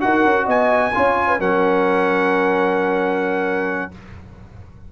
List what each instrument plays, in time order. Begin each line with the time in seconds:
0.00 tuba D#4, trombone F#4, horn A#4, trumpet F#5
0.24 tuba C#4
0.45 tuba B3, horn D#5, trumpet G#5
0.94 tuba C#4, trombone F4, horn C#5
1.28 horn B4
1.39 tuba F#3, trombone C#4, horn A#4, trumpet F#5